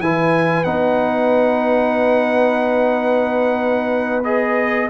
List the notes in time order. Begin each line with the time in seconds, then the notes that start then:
0.00 E3 E4 B4 G#5
0.64 B3 D#4 F#5
4.24 G#4 D#5